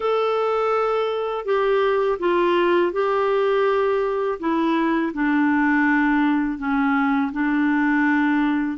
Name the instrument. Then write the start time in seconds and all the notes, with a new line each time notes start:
clarinet
0.00 A4
1.45 G4
2.19 F4
2.92 G4
4.39 E4
5.13 D4
6.58 C#4
7.32 D4